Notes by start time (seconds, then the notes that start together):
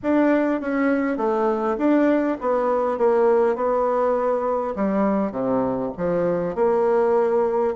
0.02 D4
0.60 C#4
1.17 A3
1.77 D4
2.41 B3
2.97 A#3
3.55 B3
4.75 G3
5.31 C3
5.97 F3
6.55 A#3